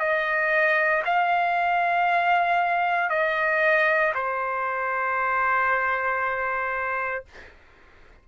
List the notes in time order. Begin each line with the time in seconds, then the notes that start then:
0.00 D#5
1.05 F5
3.10 D#5
4.15 C5